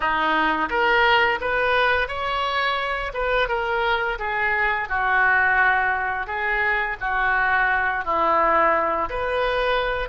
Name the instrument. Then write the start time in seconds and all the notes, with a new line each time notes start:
oboe
0.00 D#4
0.69 A#4
1.40 B4
2.07 C#5
3.13 B4
3.48 A#4
4.19 G#4
4.88 F#4
6.27 G#4
7.00 F#4
8.04 E4
9.09 B4